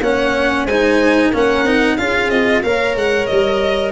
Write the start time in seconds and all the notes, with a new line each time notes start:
0.00 A#3 C#4 C#5 F#5
0.65 G#3 D#4 C5 G#5
1.30 A#3 C#4 A#4
1.37 F#5
1.64 C4 D#4
1.97 C#4 F4 G#4 F5
2.29 C4 D#5
2.63 A#3 A#4 C#5 F5
2.95 G#3 F#5
3.26 G3 D#5